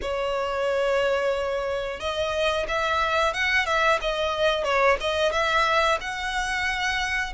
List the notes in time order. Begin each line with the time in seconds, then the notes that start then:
0.01 C#5
1.99 D#5
2.68 E5
3.33 F#5
3.65 E5
4.01 D#5
4.63 C#5
5.00 D#5
5.32 E5
6.01 F#5